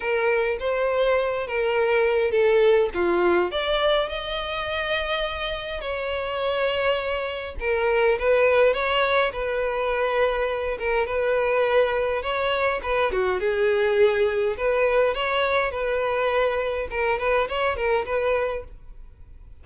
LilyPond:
\new Staff \with { instrumentName = "violin" } { \time 4/4 \tempo 4 = 103 ais'4 c''4. ais'4. | a'4 f'4 d''4 dis''4~ | dis''2 cis''2~ | cis''4 ais'4 b'4 cis''4 |
b'2~ b'8 ais'8 b'4~ | b'4 cis''4 b'8 fis'8 gis'4~ | gis'4 b'4 cis''4 b'4~ | b'4 ais'8 b'8 cis''8 ais'8 b'4 | }